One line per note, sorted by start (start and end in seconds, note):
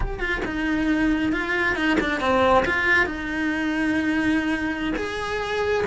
0.00 0.19 G4
0.19 0.41 F4
0.45 1.32 D#4
1.32 1.75 F4
1.75 1.97 D#4
2.00 2.20 D4
2.20 2.64 C4
2.65 3.06 F4
3.06 4.93 D#4
4.96 5.84 G#4